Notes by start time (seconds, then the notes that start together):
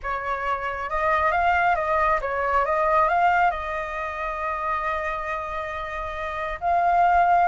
0.03 C#5
0.89 D#5
1.31 F5
1.75 D#5
2.21 C#5
2.65 D#5
3.08 F5
3.51 D#5
6.60 F5